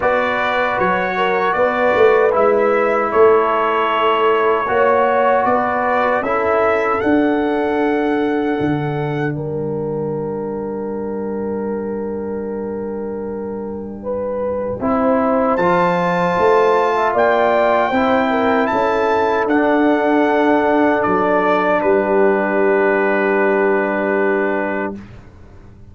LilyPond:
<<
  \new Staff \with { instrumentName = "trumpet" } { \time 4/4 \tempo 4 = 77 d''4 cis''4 d''4 e''4 | cis''2. d''4 | e''4 fis''2. | g''1~ |
g''1 | a''2 g''2 | a''4 fis''2 d''4 | b'1 | }
  \new Staff \with { instrumentName = "horn" } { \time 4/4 b'4. ais'8 b'2 | a'2 cis''4 b'4 | a'1 | ais'1~ |
ais'2 b'4 c''4~ | c''4.~ c''16 e''16 d''4 c''8 ais'8 | a'1 | g'1 | }
  \new Staff \with { instrumentName = "trombone" } { \time 4/4 fis'2. e'4~ | e'2 fis'2 | e'4 d'2.~ | d'1~ |
d'2. e'4 | f'2. e'4~ | e'4 d'2.~ | d'1 | }
  \new Staff \with { instrumentName = "tuba" } { \time 4/4 b4 fis4 b8 a8 gis4 | a2 ais4 b4 | cis'4 d'2 d4 | g1~ |
g2. c'4 | f4 a4 ais4 c'4 | cis'4 d'2 fis4 | g1 | }
>>